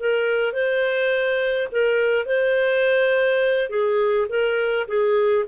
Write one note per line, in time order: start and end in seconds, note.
0.00 0.53 A#4
0.53 1.69 C5
1.72 2.26 A#4
2.26 3.70 C5
3.70 4.28 G#4
4.30 4.87 A#4
4.88 5.46 G#4